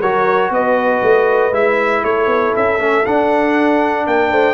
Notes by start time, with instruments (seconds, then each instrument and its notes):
0.00 tuba F#3, trombone F#4, horn A#4, trumpet C#5
0.51 tuba B3, horn B4, trumpet D#5
1.03 tuba A3
1.53 tuba G#3, trombone E4, trumpet E5
2.04 tuba A3, horn A4, trumpet C#5
2.27 tuba B3
2.57 tuba C#4, trumpet E5
2.79 tuba A3, trombone C#4
3.06 trombone D4, tuba D4, trumpet F#5
4.07 tuba A#3, horn A#4, trumpet G5
4.31 tuba A3, horn C5